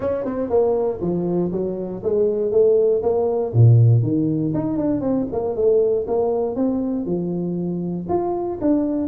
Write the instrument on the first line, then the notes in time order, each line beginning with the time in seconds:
tuba
0.00 C#4
0.25 C4
0.49 A#3
1.01 F3
1.51 F#3
2.03 G#3
2.51 A3
3.02 A#3
3.53 A#2
4.02 D#3
4.54 D#4
4.77 D4
5.00 C4
5.31 A#3
5.55 A3
6.07 A#3
6.55 C4
7.05 F3
8.09 F4
8.61 D4